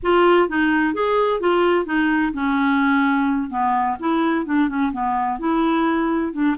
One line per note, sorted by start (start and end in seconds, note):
0.03 0.48 F4
0.48 0.94 D#4
0.94 1.40 G#4
1.40 1.85 F4
1.85 2.32 D#4
2.33 3.49 C#4
3.49 3.96 B3
3.99 4.45 E4
4.45 4.68 D4
4.68 4.92 C#4
4.92 5.39 B3
5.39 6.32 E4
6.32 6.56 D4